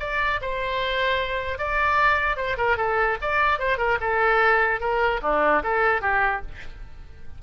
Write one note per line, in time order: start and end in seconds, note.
0.00 0.40 D5
0.42 1.59 C5
1.59 2.37 D5
2.37 2.57 C5
2.58 2.77 A#4
2.77 3.17 A4
3.22 3.59 D5
3.59 3.78 C5
3.78 3.98 A#4
4.01 4.80 A4
4.80 5.21 A#4
5.22 5.63 D4
5.64 6.01 A4
6.01 6.42 G4